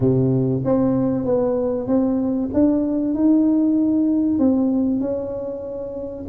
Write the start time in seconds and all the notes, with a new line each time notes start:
0.00 C3
0.64 C4
1.25 B3
1.87 C4
2.53 D4
3.14 D#4
4.38 C4
5.00 C#4